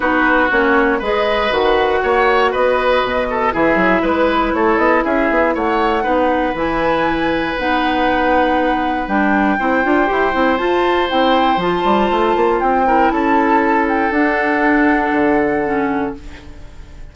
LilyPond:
<<
  \new Staff \with { instrumentName = "flute" } { \time 4/4 \tempo 4 = 119 b'4 cis''4 dis''4 fis''4~ | fis''4 dis''2 e''4 | b'4 cis''8 dis''8 e''4 fis''4~ | fis''4 gis''2 fis''4~ |
fis''2 g''2~ | g''4 a''4 g''4 a''4~ | a''4 g''4 a''4. g''8 | fis''1 | }
  \new Staff \with { instrumentName = "oboe" } { \time 4/4 fis'2 b'2 | cis''4 b'4. a'8 gis'4 | b'4 a'4 gis'4 cis''4 | b'1~ |
b'2. c''4~ | c''1~ | c''4. ais'8 a'2~ | a'1 | }
  \new Staff \with { instrumentName = "clarinet" } { \time 4/4 dis'4 cis'4 gis'4 fis'4~ | fis'2. e'4~ | e'1 | dis'4 e'2 dis'4~ |
dis'2 d'4 e'8 f'8 | g'8 e'8 f'4 e'4 f'4~ | f'4. e'2~ e'8 | d'2. cis'4 | }
  \new Staff \with { instrumentName = "bassoon" } { \time 4/4 b4 ais4 gis4 dis4 | ais4 b4 b,4 e8 fis8 | gis4 a8 b8 cis'8 b8 a4 | b4 e2 b4~ |
b2 g4 c'8 d'8 | e'8 c'8 f'4 c'4 f8 g8 | a8 ais8 c'4 cis'2 | d'2 d2 | }
>>